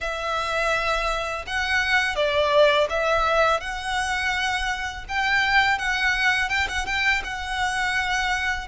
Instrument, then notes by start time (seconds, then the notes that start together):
violin
0.00 E5
1.47 F#5
2.15 D5
2.89 E5
3.60 F#5
5.08 G5
5.78 F#5
6.49 G5
6.68 F#5
6.86 G5
7.24 F#5